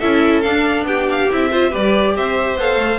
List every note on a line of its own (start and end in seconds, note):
0.00 0.45 C#4
0.00 0.44 E4
0.00 0.86 A4
0.00 0.42 E5
0.42 1.30 D4
0.42 0.84 D4
0.42 0.85 F5
0.84 1.27 B3
0.84 1.51 G4
0.84 1.09 G5
1.11 1.32 F5
1.31 1.75 C4
1.31 1.52 E4
1.31 1.75 E5
1.51 1.72 F4
1.51 1.70 C5
1.70 2.16 G3
1.70 2.57 G4
1.70 2.13 B4
1.70 2.17 D5
2.16 2.56 C4
2.16 2.99 C5
2.16 2.60 E5
2.56 2.76 B3
2.56 2.99 A4
2.56 2.99 F5
2.76 2.98 A3